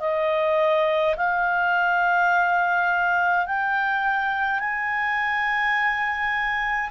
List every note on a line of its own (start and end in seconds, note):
0.00 1.15 D#5
1.16 3.46 F5
3.46 4.59 G5
4.59 6.90 G#5